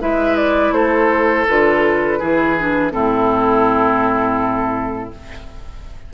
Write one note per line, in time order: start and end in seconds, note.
0.00 0.71 G#3
0.00 1.46 E4
0.00 0.74 B4
0.00 0.36 E5
0.36 0.72 D5
0.71 1.44 A3
0.71 2.19 A4
0.71 1.46 C5
1.47 2.21 D3
1.47 2.20 F4
1.47 2.91 B4
2.19 2.93 E3
2.19 2.56 E4
2.19 2.92 G#4
2.59 2.91 D4
2.91 5.12 A2
2.91 5.10 C4
2.91 5.13 E4
2.91 5.11 A4